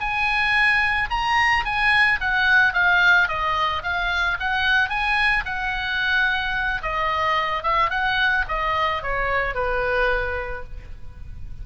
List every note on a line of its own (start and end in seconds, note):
0.00 1.09 G#5
1.10 1.65 A#5
1.65 2.19 G#5
2.21 2.73 F#5
2.73 3.28 F5
3.28 3.83 D#5
3.83 4.38 F5
4.40 4.89 F#5
4.89 5.44 G#5
5.45 6.82 F#5
6.82 7.63 D#5
7.63 7.90 E5
7.90 8.45 F#5
8.48 9.03 D#5
9.03 9.55 C#5
9.55 10.64 B4